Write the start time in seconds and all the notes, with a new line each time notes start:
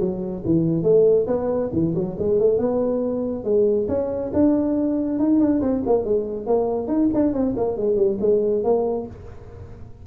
0.00 F#3
0.45 E3
0.83 A3
1.27 B3
1.72 E3
1.95 F#3
2.18 G#3
2.40 A3
2.58 B3
3.44 G#3
3.88 C#4
4.33 D4
5.19 D#4
5.40 D4
5.61 C4
5.86 A#3
6.05 G#3
6.47 A#3
6.87 D#4
7.14 D4
7.33 C4
7.56 A#3
7.77 G#3
7.96 G3
8.20 G#3
8.64 A#3